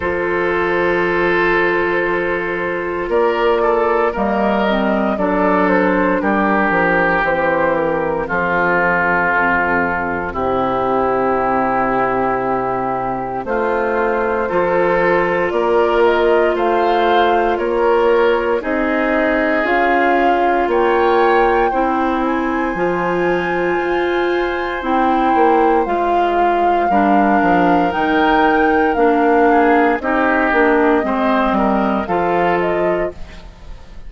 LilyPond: <<
  \new Staff \with { instrumentName = "flute" } { \time 4/4 \tempo 4 = 58 c''2. d''4 | dis''4 d''8 c''8 ais'4 c''8 ais'8 | a'2 g'2~ | g'4 c''2 d''8 dis''8 |
f''4 cis''4 dis''4 f''4 | g''4. gis''2~ gis''8 | g''4 f''2 g''4 | f''4 dis''2 f''8 dis''8 | }
  \new Staff \with { instrumentName = "oboe" } { \time 4/4 a'2. ais'8 a'8 | ais'4 a'4 g'2 | f'2 e'2~ | e'4 f'4 a'4 ais'4 |
c''4 ais'4 gis'2 | cis''4 c''2.~ | c''2 ais'2~ | ais'8 gis'8 g'4 c''8 ais'8 a'4 | }
  \new Staff \with { instrumentName = "clarinet" } { \time 4/4 f'1 | ais8 c'8 d'2 c'4~ | c'1~ | c'2 f'2~ |
f'2 dis'4 f'4~ | f'4 e'4 f'2 | e'4 f'4 d'4 dis'4 | d'4 dis'8 d'8 c'4 f'4 | }
  \new Staff \with { instrumentName = "bassoon" } { \time 4/4 f2. ais4 | g4 fis4 g8 f8 e4 | f4 f,4 c2~ | c4 a4 f4 ais4 |
a4 ais4 c'4 cis'4 | ais4 c'4 f4 f'4 | c'8 ais8 gis4 g8 f8 dis4 | ais4 c'8 ais8 gis8 g8 f4 | }
>>